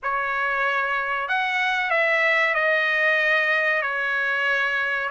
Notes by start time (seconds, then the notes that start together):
0.02 C#5
1.28 F#5
1.90 E5
2.54 D#5
3.82 C#5